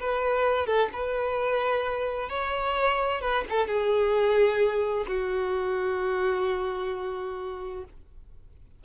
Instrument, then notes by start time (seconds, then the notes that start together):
violin
0.00 B4
0.66 A4
0.93 B4
2.29 C#5
3.21 B4
3.50 A4
3.67 G#4
5.07 F#4